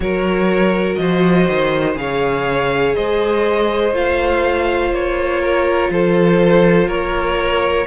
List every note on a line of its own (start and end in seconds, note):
0.00 0.95 F#3
0.00 1.95 F#4
0.00 1.00 A#4
0.00 0.95 C#5
0.95 1.48 F3
0.95 1.99 C5
0.95 1.93 D#5
1.48 1.95 D#3
1.95 2.93 C#3
1.95 3.91 G#4
1.95 2.95 C#5
1.95 2.94 F5
2.94 3.92 G#3
2.94 5.40 C5
2.94 3.93 D#5
3.92 4.91 A3
3.92 7.86 F4
3.92 4.93 F5
4.91 5.89 A#3
4.91 5.91 C#5
5.40 5.90 A#4
5.90 6.87 F3
5.90 6.87 A4
5.90 6.89 C5
6.87 7.86 A#3
6.87 7.86 A#4
6.87 7.86 C#5